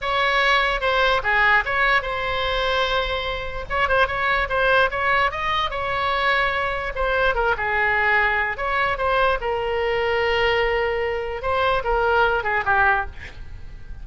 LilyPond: \new Staff \with { instrumentName = "oboe" } { \time 4/4 \tempo 4 = 147 cis''2 c''4 gis'4 | cis''4 c''2.~ | c''4 cis''8 c''8 cis''4 c''4 | cis''4 dis''4 cis''2~ |
cis''4 c''4 ais'8 gis'4.~ | gis'4 cis''4 c''4 ais'4~ | ais'1 | c''4 ais'4. gis'8 g'4 | }